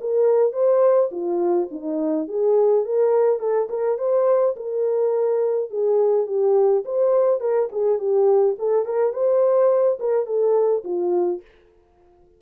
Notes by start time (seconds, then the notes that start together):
0.00 A#4
0.52 C5
1.11 F4
1.71 D#4
2.27 G#4
2.84 A#4
3.39 A4
3.69 A#4
3.98 C5
4.56 A#4
5.70 G#4
6.26 G4
6.84 C5
7.40 A#4
7.71 G#4
7.98 G4
8.58 A4
8.85 A#4
9.12 C5
9.99 A#4
10.26 A4
10.84 F4